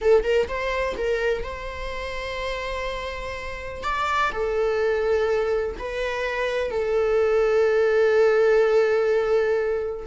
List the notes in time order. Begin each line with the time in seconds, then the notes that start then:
0.01 A4
0.23 A#4
0.48 C5
0.97 A#4
1.43 C5
3.83 D5
4.32 A4
5.78 B4
6.70 A4